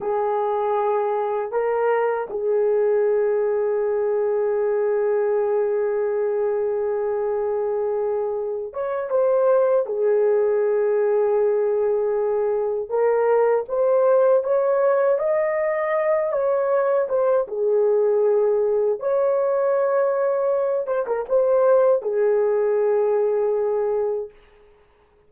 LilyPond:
\new Staff \with { instrumentName = "horn" } { \time 4/4 \tempo 4 = 79 gis'2 ais'4 gis'4~ | gis'1~ | gis'2.~ gis'8 cis''8 | c''4 gis'2.~ |
gis'4 ais'4 c''4 cis''4 | dis''4. cis''4 c''8 gis'4~ | gis'4 cis''2~ cis''8 c''16 ais'16 | c''4 gis'2. | }